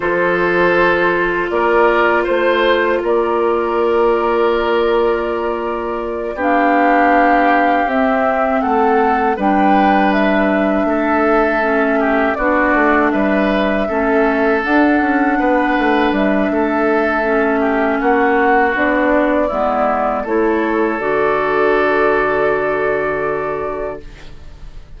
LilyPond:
<<
  \new Staff \with { instrumentName = "flute" } { \time 4/4 \tempo 4 = 80 c''2 d''4 c''4 | d''1~ | d''8 f''2 e''4 fis''8~ | fis''8 g''4 e''2~ e''8~ |
e''8 d''4 e''2 fis''8~ | fis''4. e''2~ e''8 | fis''4 d''2 cis''4 | d''1 | }
  \new Staff \with { instrumentName = "oboe" } { \time 4/4 a'2 ais'4 c''4 | ais'1~ | ais'8 g'2. a'8~ | a'8 b'2 a'4. |
g'8 fis'4 b'4 a'4.~ | a'8 b'4. a'4. g'8 | fis'2 e'4 a'4~ | a'1 | }
  \new Staff \with { instrumentName = "clarinet" } { \time 4/4 f'1~ | f'1~ | f'8 d'2 c'4.~ | c'8 d'2. cis'8~ |
cis'8 d'2 cis'4 d'8~ | d'2. cis'4~ | cis'4 d'4 b4 e'4 | fis'1 | }
  \new Staff \with { instrumentName = "bassoon" } { \time 4/4 f2 ais4 a4 | ais1~ | ais8 b2 c'4 a8~ | a8 g2 a4.~ |
a8 b8 a8 g4 a4 d'8 | cis'8 b8 a8 g8 a2 | ais4 b4 gis4 a4 | d1 | }
>>